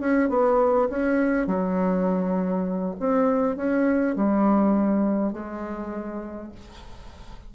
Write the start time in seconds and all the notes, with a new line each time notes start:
0.00 C#4
0.29 B3
0.90 C#4
1.47 F#3
2.99 C4
3.56 C#4
4.16 G3
5.32 G#3